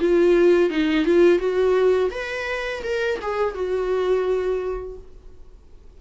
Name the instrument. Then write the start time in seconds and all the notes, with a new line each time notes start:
viola
0.00 F4
0.70 D#4
1.05 F4
1.39 F#4
2.11 B4
2.83 A#4
3.22 G#4
3.54 F#4